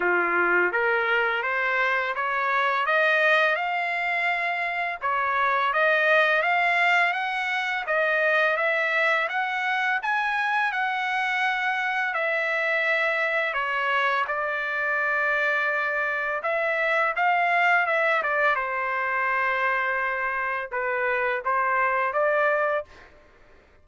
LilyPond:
\new Staff \with { instrumentName = "trumpet" } { \time 4/4 \tempo 4 = 84 f'4 ais'4 c''4 cis''4 | dis''4 f''2 cis''4 | dis''4 f''4 fis''4 dis''4 | e''4 fis''4 gis''4 fis''4~ |
fis''4 e''2 cis''4 | d''2. e''4 | f''4 e''8 d''8 c''2~ | c''4 b'4 c''4 d''4 | }